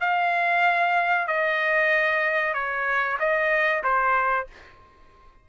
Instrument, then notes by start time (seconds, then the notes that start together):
trumpet
0.00 F5
1.27 D#5
2.54 C#5
3.19 D#5
3.83 C5